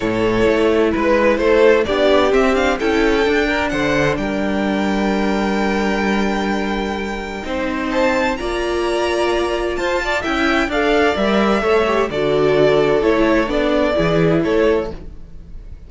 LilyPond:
<<
  \new Staff \with { instrumentName = "violin" } { \time 4/4 \tempo 4 = 129 cis''2 b'4 c''4 | d''4 e''8 f''8 g''2 | fis''4 g''2.~ | g''1~ |
g''4 a''4 ais''2~ | ais''4 a''4 g''4 f''4 | e''2 d''2 | cis''4 d''2 cis''4 | }
  \new Staff \with { instrumentName = "violin" } { \time 4/4 a'2 b'4 a'4 | g'2 a'4. ais'8 | c''4 ais'2.~ | ais'1 |
c''2 d''2~ | d''4 c''8 d''8 e''4 d''4~ | d''4 cis''4 a'2~ | a'2 gis'4 a'4 | }
  \new Staff \with { instrumentName = "viola" } { \time 4/4 e'1 | d'4 c'8 d'8 e'4 d'4~ | d'1~ | d'1 |
dis'2 f'2~ | f'2 e'4 a'4 | ais'4 a'8 g'8 fis'2 | e'4 d'4 e'2 | }
  \new Staff \with { instrumentName = "cello" } { \time 4/4 a,4 a4 gis4 a4 | b4 c'4 cis'4 d'4 | d4 g2.~ | g1 |
c'2 ais2~ | ais4 f'4 cis'4 d'4 | g4 a4 d2 | a4 b4 e4 a4 | }
>>